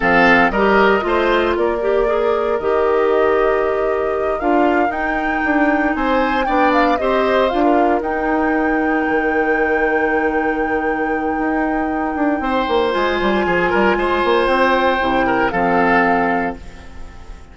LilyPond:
<<
  \new Staff \with { instrumentName = "flute" } { \time 4/4 \tempo 4 = 116 f''4 dis''2 d''4~ | d''4 dis''2.~ | dis''8 f''4 g''2 gis''8~ | gis''8 g''8 f''8 dis''4 f''4 g''8~ |
g''1~ | g''1~ | g''4 gis''2. | g''2 f''2 | }
  \new Staff \with { instrumentName = "oboe" } { \time 4/4 a'4 ais'4 c''4 ais'4~ | ais'1~ | ais'2.~ ais'8 c''8~ | c''8 d''4 c''4~ c''16 ais'4~ ais'16~ |
ais'1~ | ais'1 | c''2 gis'8 ais'8 c''4~ | c''4. ais'8 a'2 | }
  \new Staff \with { instrumentName = "clarinet" } { \time 4/4 c'4 g'4 f'4. g'8 | gis'4 g'2.~ | g'8 f'4 dis'2~ dis'8~ | dis'8 d'4 g'4 f'4 dis'8~ |
dis'1~ | dis'1~ | dis'4 f'2.~ | f'4 e'4 c'2 | }
  \new Staff \with { instrumentName = "bassoon" } { \time 4/4 f4 g4 a4 ais4~ | ais4 dis2.~ | dis8 d'4 dis'4 d'4 c'8~ | c'8 b4 c'4 d'4 dis'8~ |
dis'4. dis2~ dis8~ | dis2 dis'4. d'8 | c'8 ais8 gis8 g8 f8 g8 gis8 ais8 | c'4 c4 f2 | }
>>